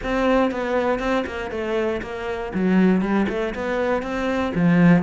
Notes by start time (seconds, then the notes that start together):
0.03 C4
0.51 B3
0.99 C4
1.26 A#3
1.50 A3
2.02 A#3
2.54 F#3
3.01 G3
3.29 A3
3.54 B3
4.02 C4
4.54 F3